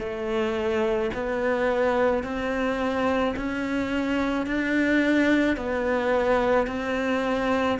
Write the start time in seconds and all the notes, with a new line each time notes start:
0.00 A3
1.14 B3
2.24 C4
3.37 C#4
4.46 D4
5.57 B3
6.67 C4